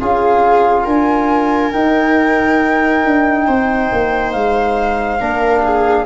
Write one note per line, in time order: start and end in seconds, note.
0.00 0.86 C#4
0.00 1.73 F4
0.00 0.84 G#4
0.00 0.86 F5
0.84 1.73 D4
0.84 3.45 A#4
0.84 1.72 G#5
1.72 5.19 D#4
1.72 3.05 D#4
1.72 4.32 G5
3.05 3.48 D4
3.47 3.91 C4
3.47 5.20 C5
3.92 4.34 A#3
4.32 5.21 G#3
4.32 6.05 F5
5.19 6.05 A#3
5.19 6.05 D4
5.19 5.63 A#4
5.64 6.05 G#4